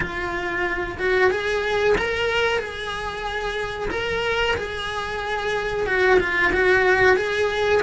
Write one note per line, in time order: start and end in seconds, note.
0.00 0.98 F4
0.98 1.30 F#4
1.30 1.96 G#4
1.97 2.58 A#4
2.58 3.89 G#4
3.90 4.55 A#4
4.56 5.86 G#4
5.86 6.18 F#4
6.19 6.52 F4
6.52 7.16 F#4
7.16 7.81 G#4